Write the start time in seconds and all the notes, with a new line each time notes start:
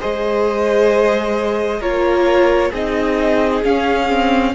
0.00 G#3 G#4 C5 D#5
1.80 A#3 F4 A#4 C#5
2.70 C4 D#4 G#4 D#5
3.64 C#4 F5
4.09 C4